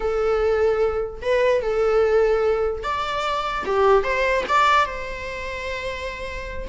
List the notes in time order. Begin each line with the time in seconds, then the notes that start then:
0.00 A4
1.21 B4
1.62 A4
2.83 D5
3.65 G4
4.03 C5
4.48 D5
4.85 C5